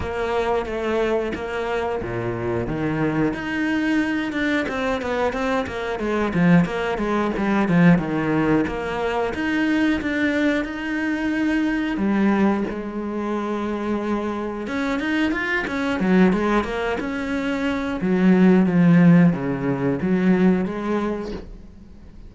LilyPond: \new Staff \with { instrumentName = "cello" } { \time 4/4 \tempo 4 = 90 ais4 a4 ais4 ais,4 | dis4 dis'4. d'8 c'8 b8 | c'8 ais8 gis8 f8 ais8 gis8 g8 f8 | dis4 ais4 dis'4 d'4 |
dis'2 g4 gis4~ | gis2 cis'8 dis'8 f'8 cis'8 | fis8 gis8 ais8 cis'4. fis4 | f4 cis4 fis4 gis4 | }